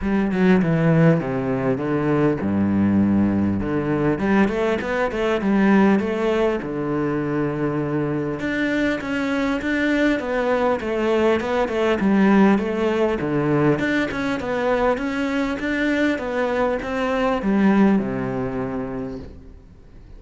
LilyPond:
\new Staff \with { instrumentName = "cello" } { \time 4/4 \tempo 4 = 100 g8 fis8 e4 c4 d4 | g,2 d4 g8 a8 | b8 a8 g4 a4 d4~ | d2 d'4 cis'4 |
d'4 b4 a4 b8 a8 | g4 a4 d4 d'8 cis'8 | b4 cis'4 d'4 b4 | c'4 g4 c2 | }